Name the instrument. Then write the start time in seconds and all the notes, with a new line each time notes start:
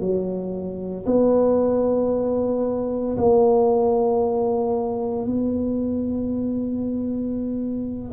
tuba
0.00 F#3
1.06 B3
3.17 A#3
5.25 B3